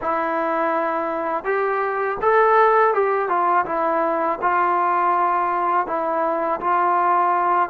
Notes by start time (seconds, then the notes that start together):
0.01 E4
1.44 G4
2.21 A4
2.94 G4
3.28 F4
3.65 E4
4.41 F4
5.87 E4
6.60 F4